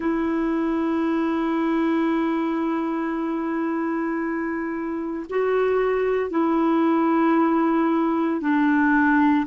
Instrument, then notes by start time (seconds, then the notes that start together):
clarinet
0.00 E4
5.29 F#4
6.30 E4
8.40 D4